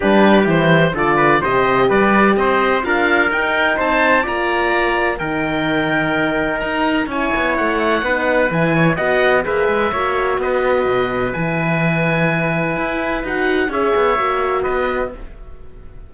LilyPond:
<<
  \new Staff \with { instrumentName = "oboe" } { \time 4/4 \tempo 4 = 127 b'4 c''4 d''4 dis''4 | d''4 dis''4 f''4 g''4 | a''4 ais''2 g''4~ | g''2 ais''4 gis''4 |
fis''2 gis''4 fis''4 | e''2 dis''2 | gis''1 | fis''4 e''2 dis''4 | }
  \new Staff \with { instrumentName = "trumpet" } { \time 4/4 g'2 a'8 b'8 c''4 | b'4 c''4 ais'2 | c''4 d''2 ais'4~ | ais'2. cis''4~ |
cis''4 b'4. cis''8 dis''4 | b'4 cis''4 b'2~ | b'1~ | b'4 cis''2 b'4 | }
  \new Staff \with { instrumentName = "horn" } { \time 4/4 d'4 e'4 f'4 g'4~ | g'2 f'4 dis'4~ | dis'4 f'2 dis'4~ | dis'2. e'4~ |
e'4 dis'4 e'4 fis'4 | gis'4 fis'2. | e'1 | fis'4 gis'4 fis'2 | }
  \new Staff \with { instrumentName = "cello" } { \time 4/4 g4 e4 d4 c4 | g4 c'4 d'4 dis'4 | c'4 ais2 dis4~ | dis2 dis'4 cis'8 b8 |
a4 b4 e4 b4 | ais8 gis8 ais4 b4 b,4 | e2. e'4 | dis'4 cis'8 b8 ais4 b4 | }
>>